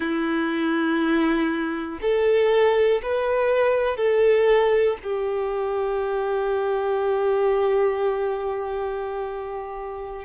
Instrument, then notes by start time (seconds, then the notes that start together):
violin
0.00 E4
2.01 A4
3.02 B4
3.96 A4
5.03 G4